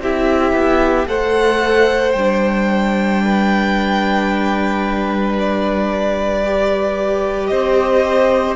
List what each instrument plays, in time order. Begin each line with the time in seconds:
0.00 cello C4, viola E4, violin G4 E5
0.52 cello B3
1.06 cello A3, viola A4, violin C5 F#5
2.12 cello G3, viola D4, violin G5
3.24 violin B4
5.38 violin D5
6.44 viola G4
7.47 cello C4, violin C5 D#5